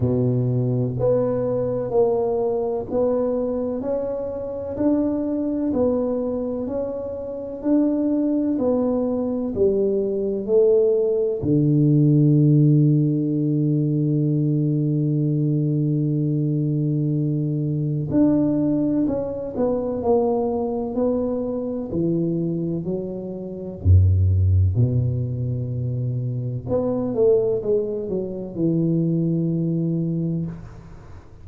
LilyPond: \new Staff \with { instrumentName = "tuba" } { \time 4/4 \tempo 4 = 63 b,4 b4 ais4 b4 | cis'4 d'4 b4 cis'4 | d'4 b4 g4 a4 | d1~ |
d2. d'4 | cis'8 b8 ais4 b4 e4 | fis4 fis,4 b,2 | b8 a8 gis8 fis8 e2 | }